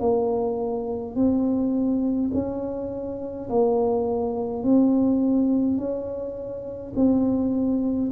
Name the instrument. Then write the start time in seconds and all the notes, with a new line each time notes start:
tuba
0.00 A#3
1.15 C4
2.34 C#4
3.50 A#3
4.64 C4
5.78 C#4
6.96 C4